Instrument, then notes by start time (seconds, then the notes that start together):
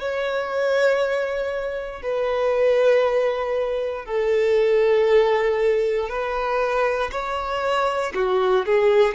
violin
0.00 C#5
2.02 B4
4.05 A4
6.09 B4
7.11 C#5
8.14 F#4
8.66 G#4